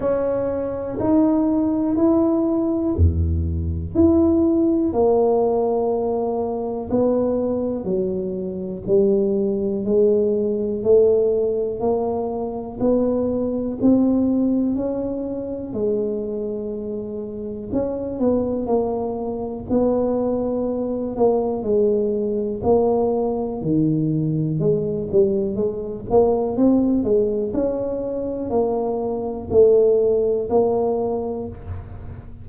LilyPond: \new Staff \with { instrumentName = "tuba" } { \time 4/4 \tempo 4 = 61 cis'4 dis'4 e'4 e,4 | e'4 ais2 b4 | fis4 g4 gis4 a4 | ais4 b4 c'4 cis'4 |
gis2 cis'8 b8 ais4 | b4. ais8 gis4 ais4 | dis4 gis8 g8 gis8 ais8 c'8 gis8 | cis'4 ais4 a4 ais4 | }